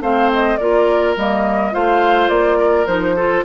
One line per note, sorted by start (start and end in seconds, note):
0.00 0.57 A3
0.00 0.59 C4
0.00 0.59 C5
0.00 0.31 F5
0.33 0.57 D#5
0.57 1.17 A#3
0.57 1.17 F4
0.57 1.74 A#4
0.57 1.14 D5
1.17 1.74 G3
1.17 1.72 A#3
1.17 1.74 D#5
1.72 2.29 A3
1.72 2.86 F4
1.72 2.58 C5
1.72 2.29 F5
2.29 2.86 A#3
2.29 2.86 D5
2.58 3.15 A#4
2.86 3.44 F3
2.86 3.16 D#4
2.86 3.44 C5
3.16 3.45 F4
3.16 3.44 A4